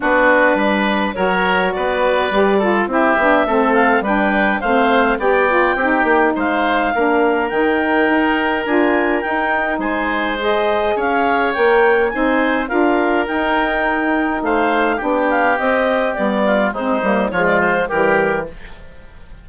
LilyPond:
<<
  \new Staff \with { instrumentName = "clarinet" } { \time 4/4 \tempo 4 = 104 b'2 cis''4 d''4~ | d''4 e''4. f''8 g''4 | f''4 g''2 f''4~ | f''4 g''2 gis''4 |
g''4 gis''4 dis''4 f''4 | g''4 gis''4 f''4 g''4~ | g''4 f''4 g''8 f''8 dis''4 | d''4 c''4 cis''16 d''16 c''8 ais'4 | }
  \new Staff \with { instrumentName = "oboe" } { \time 4/4 fis'4 b'4 ais'4 b'4~ | b'8 a'8 g'4 a'4 b'4 | c''4 d''4 g'4 c''4 | ais'1~ |
ais'4 c''2 cis''4~ | cis''4 c''4 ais'2~ | ais'4 c''4 g'2~ | g'8 f'8 dis'4 f'4 g'4 | }
  \new Staff \with { instrumentName = "saxophone" } { \time 4/4 d'2 fis'2 | g'8 f'8 e'8 d'8 c'4 d'4 | c'4 g'8 f'8 dis'2 | d'4 dis'2 f'4 |
dis'2 gis'2 | ais'4 dis'4 f'4 dis'4~ | dis'2 d'4 c'4 | b4 c'8 ais8 gis4 g4 | }
  \new Staff \with { instrumentName = "bassoon" } { \time 4/4 b4 g4 fis4 b4 | g4 c'8 b8 a4 g4 | a4 b4 c'8 ais8 gis4 | ais4 dis4 dis'4 d'4 |
dis'4 gis2 cis'4 | ais4 c'4 d'4 dis'4~ | dis'4 a4 b4 c'4 | g4 gis8 g8 f4 e4 | }
>>